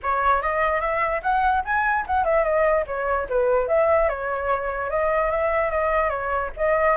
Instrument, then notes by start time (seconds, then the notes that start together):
flute
0.02 C#5
0.41 D#5
0.80 E5
1.22 F#5
1.64 G#5
2.06 F#5
2.24 E5
2.43 D#5
2.87 C#5
3.29 B4
3.68 E5
4.08 C#5
4.90 D#5
5.30 E5
5.70 D#5
6.09 C#5
6.56 D#5